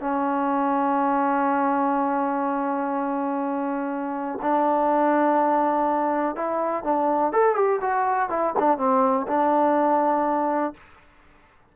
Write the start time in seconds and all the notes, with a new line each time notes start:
0.00 C#4
4.42 D4
6.36 E4
6.84 D4
7.33 A4
7.55 G4
7.81 F#4
8.30 E4
8.59 D4
8.78 C4
9.28 D4